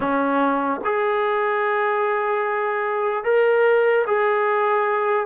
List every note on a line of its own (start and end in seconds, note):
0.00 0.81 C#4
0.84 3.24 G#4
3.24 4.05 A#4
4.07 5.26 G#4